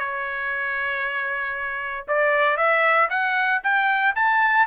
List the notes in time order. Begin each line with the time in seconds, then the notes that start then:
0.00 C#5
2.08 D5
2.57 E5
3.10 F#5
3.64 G5
4.16 A5